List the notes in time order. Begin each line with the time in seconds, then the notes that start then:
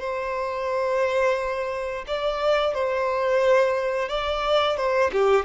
0.00 C5
2.07 D5
2.74 C5
4.09 D5
4.76 C5
5.12 G4